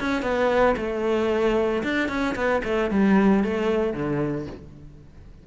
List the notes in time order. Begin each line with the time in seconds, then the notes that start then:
0.00 C#4
0.22 B3
0.77 A3
1.84 D4
2.09 C#4
2.35 B3
2.65 A3
2.91 G3
3.44 A3
3.94 D3